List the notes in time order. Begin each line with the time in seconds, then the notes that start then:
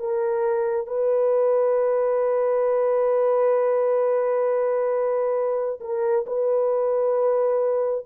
0.00 A#4
0.87 B4
5.81 A#4
6.26 B4